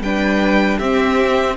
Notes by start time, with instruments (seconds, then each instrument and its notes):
0.00 cello G3, viola D4, violin B4 G5
0.78 cello C4, viola C4, violin G4 E5